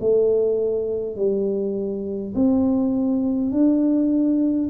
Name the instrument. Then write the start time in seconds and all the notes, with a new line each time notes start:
tuba
0.00 A3
1.16 G3
2.35 C4
3.51 D4